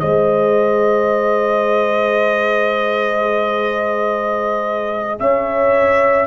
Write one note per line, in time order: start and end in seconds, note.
0.00 5.20 G#3
0.00 6.28 G#4
0.00 5.20 C5
0.00 5.18 D#5
5.20 6.28 C#4
5.20 6.28 C#5
5.20 6.28 E5